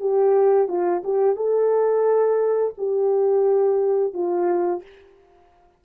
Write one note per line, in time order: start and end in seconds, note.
0.00 0.68 G4
0.68 1.03 F4
1.04 1.36 G4
1.36 2.74 A4
2.78 4.13 G4
4.13 4.82 F4